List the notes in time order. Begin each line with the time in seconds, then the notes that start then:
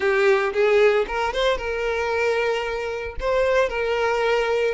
0.00 G4
0.53 G#4
1.07 A#4
1.33 C5
1.57 A#4
3.20 C5
3.69 A#4